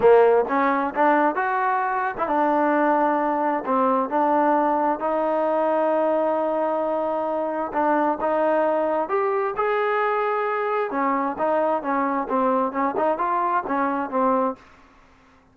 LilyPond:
\new Staff \with { instrumentName = "trombone" } { \time 4/4 \tempo 4 = 132 ais4 cis'4 d'4 fis'4~ | fis'8. e'16 d'2. | c'4 d'2 dis'4~ | dis'1~ |
dis'4 d'4 dis'2 | g'4 gis'2. | cis'4 dis'4 cis'4 c'4 | cis'8 dis'8 f'4 cis'4 c'4 | }